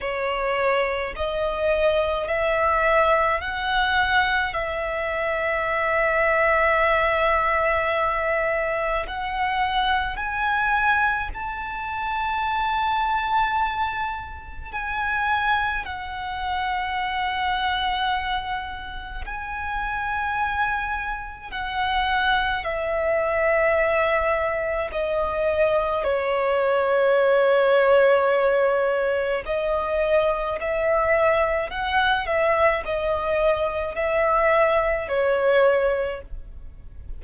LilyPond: \new Staff \with { instrumentName = "violin" } { \time 4/4 \tempo 4 = 53 cis''4 dis''4 e''4 fis''4 | e''1 | fis''4 gis''4 a''2~ | a''4 gis''4 fis''2~ |
fis''4 gis''2 fis''4 | e''2 dis''4 cis''4~ | cis''2 dis''4 e''4 | fis''8 e''8 dis''4 e''4 cis''4 | }